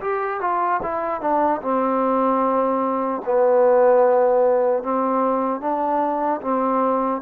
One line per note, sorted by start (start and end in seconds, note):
0.00 0.40 G4
0.40 0.80 F4
0.82 1.21 E4
1.21 1.61 D4
1.61 3.21 C4
3.25 4.83 B3
4.83 5.60 C4
5.60 6.40 D4
6.41 7.21 C4